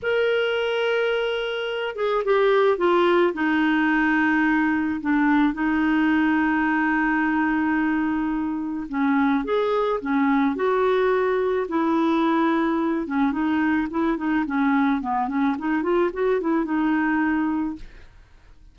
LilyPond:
\new Staff \with { instrumentName = "clarinet" } { \time 4/4 \tempo 4 = 108 ais'2.~ ais'8 gis'8 | g'4 f'4 dis'2~ | dis'4 d'4 dis'2~ | dis'1 |
cis'4 gis'4 cis'4 fis'4~ | fis'4 e'2~ e'8 cis'8 | dis'4 e'8 dis'8 cis'4 b8 cis'8 | dis'8 f'8 fis'8 e'8 dis'2 | }